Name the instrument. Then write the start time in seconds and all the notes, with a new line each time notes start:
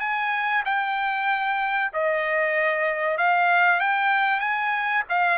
trumpet
0.00 G#5
0.65 G5
1.93 D#5
3.18 F5
3.80 G5
4.40 G#5
5.09 F5